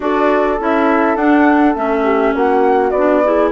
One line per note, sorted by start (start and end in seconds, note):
0.00 0.59 D4
0.00 0.58 F#4
0.00 2.04 A4
0.00 0.60 D5
0.59 1.15 C#4
0.59 1.18 E4
0.59 1.16 E5
1.15 1.74 D4
1.15 1.74 F#5
1.74 2.34 A3
1.74 2.92 C#4
1.74 2.34 E5
2.04 2.33 G4
2.34 2.91 A#3
2.34 3.24 F#4
2.34 2.90 F#5
2.90 3.50 B3
2.90 3.49 D5
2.97 3.24 D4
3.24 3.51 E4
3.24 3.51 G#4